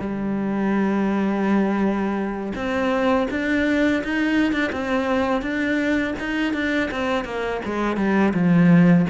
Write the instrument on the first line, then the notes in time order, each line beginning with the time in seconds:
cello
0.00 G3
2.55 C4
3.31 D4
4.04 D#4
4.53 D4
4.72 C4
5.42 D4
6.20 D#4
6.54 D4
6.91 C4
7.25 A#3
7.65 G#3
7.97 G3
8.34 F3